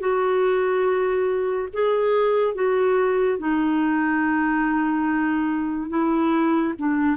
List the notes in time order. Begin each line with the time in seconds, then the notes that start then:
0.00 F#4
1.73 G#4
2.55 F#4
3.39 D#4
5.90 E4
6.79 D4